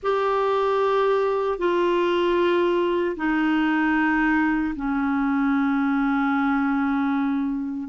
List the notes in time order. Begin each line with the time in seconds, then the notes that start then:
0.02 G4
1.58 F4
3.16 D#4
4.75 C#4